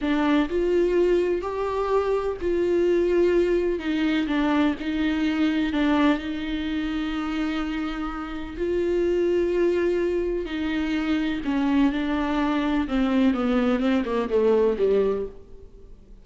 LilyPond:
\new Staff \with { instrumentName = "viola" } { \time 4/4 \tempo 4 = 126 d'4 f'2 g'4~ | g'4 f'2. | dis'4 d'4 dis'2 | d'4 dis'2.~ |
dis'2 f'2~ | f'2 dis'2 | cis'4 d'2 c'4 | b4 c'8 ais8 a4 g4 | }